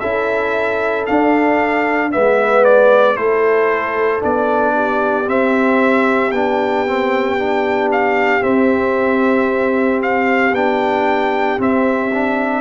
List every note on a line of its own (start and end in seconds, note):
0.00 1.07 C#4
0.00 1.07 E4
0.00 2.11 A4
0.00 1.05 E5
1.06 2.11 D4
1.06 2.15 D4
1.06 2.11 F5
2.11 3.16 G#3
2.11 3.16 B3
2.11 3.16 B4
2.11 2.65 E5
2.65 3.16 D5
3.16 4.22 A3
3.16 4.20 E4
3.16 4.74 A4
3.16 4.21 C5
4.20 5.28 B3
4.20 5.25 D4
4.20 5.29 D5
4.75 12.61 G4
5.26 6.32 C4
5.26 6.31 E5
6.31 8.42 B3
6.31 6.87 D4
6.31 7.89 G5
6.87 7.38 C4
7.38 8.41 D4
7.92 8.43 F5
8.41 10.52 C4
8.41 10.01 E5
10.02 10.55 F5
10.52 11.58 B3
10.52 11.58 D4
10.52 11.60 G5
11.58 12.11 C4
11.58 12.61 C4
11.58 12.61 E5
12.12 12.61 D4